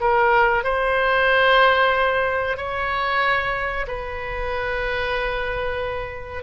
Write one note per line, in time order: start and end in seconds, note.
0.00 0.64 A#4
0.64 2.57 C5
2.57 3.86 C#5
3.87 6.43 B4